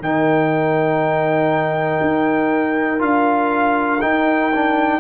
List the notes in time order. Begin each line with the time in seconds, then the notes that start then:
0.00 D#3 D#4 A#4 G5
2.01 D#4
2.99 D4 F4 F5
4.01 D#4 G5
4.55 D4